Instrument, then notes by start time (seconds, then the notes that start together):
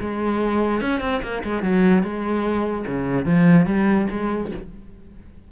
cello
0.00 G#3
0.81 C#4
1.01 C4
1.22 A#3
1.43 G#3
1.63 F#3
2.03 G#3
2.86 C#3
3.25 F3
3.66 G3
4.10 G#3